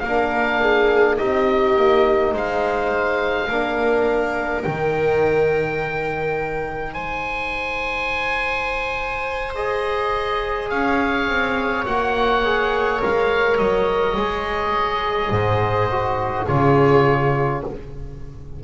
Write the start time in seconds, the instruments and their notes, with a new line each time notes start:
0.00 double bass A#3, trombone D4, viola A#4, oboe F5
0.61 viola G#4
1.18 double bass C4, trombone D#4, viola G4, oboe D#5
1.76 double bass A#3
2.33 double bass G#3, viola C5, oboe F5
3.48 double bass A#3, trombone D4, viola A#4
4.63 double bass D#3, trombone D#4, oboe G5
6.94 double bass G#3, viola C5, oboe G#5
9.55 trombone G#4, oboe D#5
10.70 double bass C#4, viola C#5, oboe F5
11.28 double bass C4
11.86 double bass A#3, trombone F#4, oboe F#5
12.44 trombone G#4
13.01 double bass G#3, trombone A#4, oboe F5
13.58 double bass F#3, oboe D#5
14.17 double bass G#3, trombone G#4
15.31 double bass G#2, viola C5
15.92 trombone F#4
16.45 double bass C#3, trombone F4, viola G#4, oboe C#5